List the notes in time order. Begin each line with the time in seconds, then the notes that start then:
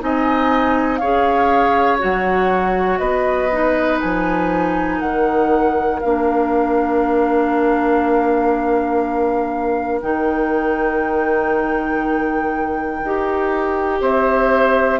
0.00 C4 D#4 D#5 G#5
0.97 C#4 G#4 C#5 F5
1.99 F#3 F#4 F#5
2.98 B3 B4 D#5
3.52 D#4
4.00 F3 G#5
4.97 D#3 A#4 F#5
6.00 A#3 D4 F5
10.01 D#3 D#4 G5
13.03 D#4 G4
14.01 C4 C5 E5